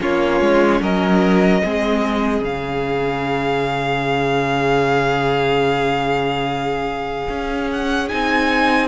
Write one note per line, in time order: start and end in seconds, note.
0.00 0.41 A#3
0.00 1.62 C#4
0.00 0.81 F4
0.00 0.83 C#5
0.41 0.81 G#3
0.81 1.62 F#3
0.81 1.62 A#4
0.81 2.44 D#5
1.64 2.41 G#3
1.64 2.44 C4
1.64 8.88 G#4
2.41 7.27 C#3
2.41 8.10 C#4
2.41 7.71 F5
7.29 8.10 C#4
7.71 8.09 F#5
8.09 8.88 C4
8.09 8.88 D#4
8.09 8.88 G#5